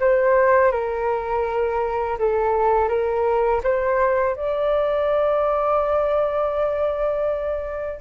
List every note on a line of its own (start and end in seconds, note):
0.00 0.72 C5
0.72 2.18 A#4
2.19 2.88 A4
2.88 3.62 A#4
3.64 4.36 C5
4.36 8.01 D5